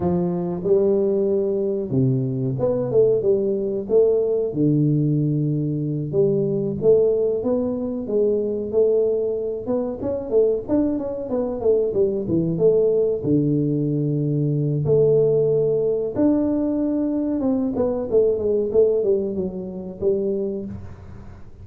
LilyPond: \new Staff \with { instrumentName = "tuba" } { \time 4/4 \tempo 4 = 93 f4 g2 c4 | b8 a8 g4 a4 d4~ | d4. g4 a4 b8~ | b8 gis4 a4. b8 cis'8 |
a8 d'8 cis'8 b8 a8 g8 e8 a8~ | a8 d2~ d8 a4~ | a4 d'2 c'8 b8 | a8 gis8 a8 g8 fis4 g4 | }